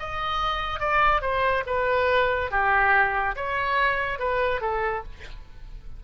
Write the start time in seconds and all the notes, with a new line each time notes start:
0.00 D#5
0.80 D5
1.22 C5
1.67 B4
2.51 G4
3.36 C#5
4.19 B4
4.61 A4